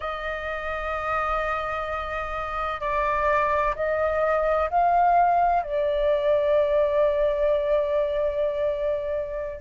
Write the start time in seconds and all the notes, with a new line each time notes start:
0.00 D#5
2.80 D5
3.75 D#5
4.70 F5
5.62 D5